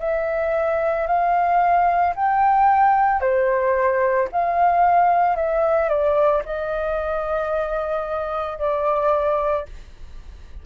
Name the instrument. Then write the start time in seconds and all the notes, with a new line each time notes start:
flute
0.00 E5
1.07 F5
2.16 G5
3.21 C5
4.32 F5
5.37 E5
5.89 D5
6.45 D#5
8.59 D5